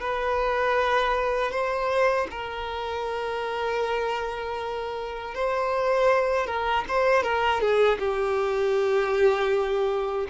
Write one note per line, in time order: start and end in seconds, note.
0.00 1.51 B4
1.51 2.27 C5
2.30 5.34 A#4
5.34 6.46 C5
6.46 6.84 A#4
6.88 7.23 C5
7.23 7.60 A#4
7.60 7.98 G#4
7.99 10.27 G4